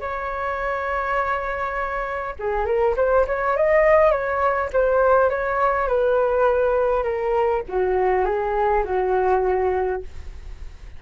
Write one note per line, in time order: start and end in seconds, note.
0.00 2.35 C#5
2.39 2.65 G#4
2.65 2.95 A#4
2.96 3.26 C5
3.27 3.56 C#5
3.56 4.11 D#5
4.11 4.70 C#5
4.73 5.30 C5
5.30 5.88 C#5
5.88 7.03 B4
7.03 7.62 A#4
7.69 8.25 F#4
8.25 8.84 G#4
8.84 10.02 F#4